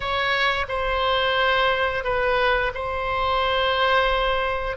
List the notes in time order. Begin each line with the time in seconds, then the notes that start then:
0.00 C#5
0.68 C5
2.03 B4
2.74 C5